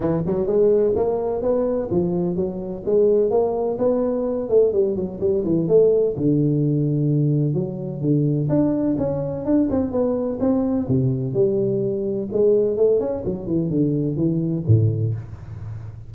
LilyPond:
\new Staff \with { instrumentName = "tuba" } { \time 4/4 \tempo 4 = 127 e8 fis8 gis4 ais4 b4 | f4 fis4 gis4 ais4 | b4. a8 g8 fis8 g8 e8 | a4 d2. |
fis4 d4 d'4 cis'4 | d'8 c'8 b4 c'4 c4 | g2 gis4 a8 cis'8 | fis8 e8 d4 e4 a,4 | }